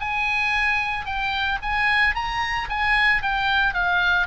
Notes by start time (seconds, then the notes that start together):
0.00 G#5
1.05 G5
1.62 G#5
2.15 A#5
2.70 G#5
3.22 G5
3.74 F5